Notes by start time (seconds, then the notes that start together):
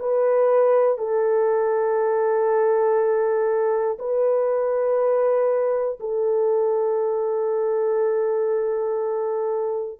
0.00 B4
0.98 A4
3.99 B4
6.00 A4